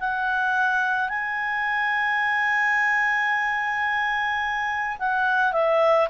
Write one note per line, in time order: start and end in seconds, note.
0.00 1.09 F#5
1.09 4.98 G#5
4.99 5.53 F#5
5.53 6.08 E5